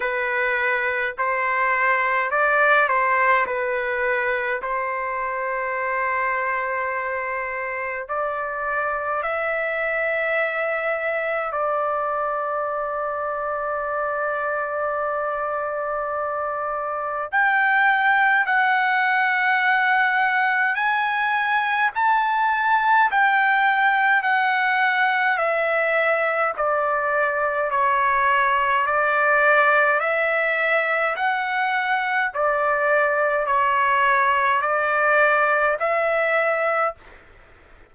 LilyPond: \new Staff \with { instrumentName = "trumpet" } { \time 4/4 \tempo 4 = 52 b'4 c''4 d''8 c''8 b'4 | c''2. d''4 | e''2 d''2~ | d''2. g''4 |
fis''2 gis''4 a''4 | g''4 fis''4 e''4 d''4 | cis''4 d''4 e''4 fis''4 | d''4 cis''4 d''4 e''4 | }